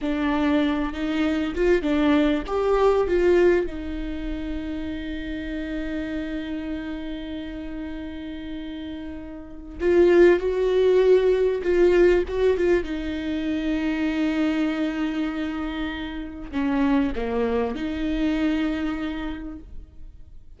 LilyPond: \new Staff \with { instrumentName = "viola" } { \time 4/4 \tempo 4 = 98 d'4. dis'4 f'8 d'4 | g'4 f'4 dis'2~ | dis'1~ | dis'1 |
f'4 fis'2 f'4 | fis'8 f'8 dis'2.~ | dis'2. cis'4 | ais4 dis'2. | }